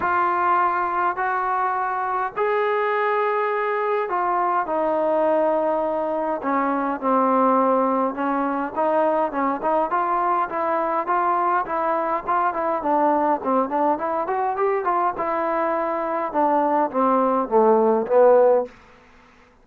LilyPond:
\new Staff \with { instrumentName = "trombone" } { \time 4/4 \tempo 4 = 103 f'2 fis'2 | gis'2. f'4 | dis'2. cis'4 | c'2 cis'4 dis'4 |
cis'8 dis'8 f'4 e'4 f'4 | e'4 f'8 e'8 d'4 c'8 d'8 | e'8 fis'8 g'8 f'8 e'2 | d'4 c'4 a4 b4 | }